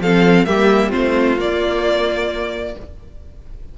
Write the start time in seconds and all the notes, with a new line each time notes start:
0.00 F3 C4 A4 F5
0.45 G3 A#3 G4 E5
0.89 C4 F4 C5
0.96 A3
1.38 A#3 D5